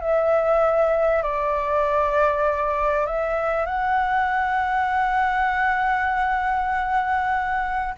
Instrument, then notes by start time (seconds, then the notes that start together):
flute
0.00 E5
1.22 D5
3.06 E5
3.66 F#5